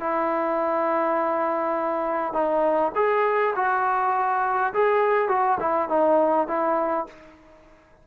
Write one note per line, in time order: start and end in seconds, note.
0.00 2.33 E4
2.33 2.92 D#4
2.95 3.54 G#4
3.56 4.73 F#4
4.74 5.29 G#4
5.29 5.58 F#4
5.60 5.89 E4
5.89 6.48 D#4
6.48 7.07 E4